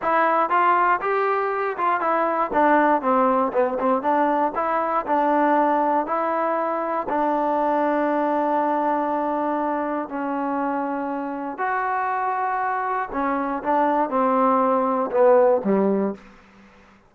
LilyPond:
\new Staff \with { instrumentName = "trombone" } { \time 4/4 \tempo 4 = 119 e'4 f'4 g'4. f'8 | e'4 d'4 c'4 b8 c'8 | d'4 e'4 d'2 | e'2 d'2~ |
d'1 | cis'2. fis'4~ | fis'2 cis'4 d'4 | c'2 b4 g4 | }